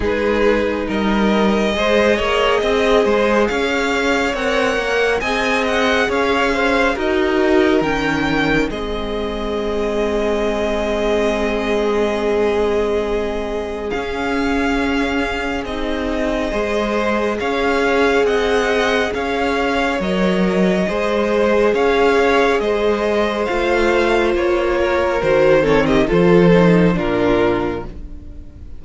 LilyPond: <<
  \new Staff \with { instrumentName = "violin" } { \time 4/4 \tempo 4 = 69 b'4 dis''2. | f''4 fis''4 gis''8 fis''8 f''4 | dis''4 g''4 dis''2~ | dis''1 |
f''2 dis''2 | f''4 fis''4 f''4 dis''4~ | dis''4 f''4 dis''4 f''4 | cis''4 c''8 cis''16 dis''16 c''4 ais'4 | }
  \new Staff \with { instrumentName = "violin" } { \time 4/4 gis'4 ais'4 c''8 cis''8 dis''8 c''8 | cis''2 dis''4 cis''8 c''8 | ais'2 gis'2~ | gis'1~ |
gis'2. c''4 | cis''4 dis''4 cis''2 | c''4 cis''4 c''2~ | c''8 ais'4 a'16 g'16 a'4 f'4 | }
  \new Staff \with { instrumentName = "viola" } { \time 4/4 dis'2 gis'2~ | gis'4 ais'4 gis'2 | fis'4 cis'4 c'2~ | c'1 |
cis'2 dis'4 gis'4~ | gis'2. ais'4 | gis'2. f'4~ | f'4 fis'8 c'8 f'8 dis'8 d'4 | }
  \new Staff \with { instrumentName = "cello" } { \time 4/4 gis4 g4 gis8 ais8 c'8 gis8 | cis'4 c'8 ais8 c'4 cis'4 | dis'4 dis4 gis2~ | gis1 |
cis'2 c'4 gis4 | cis'4 c'4 cis'4 fis4 | gis4 cis'4 gis4 a4 | ais4 dis4 f4 ais,4 | }
>>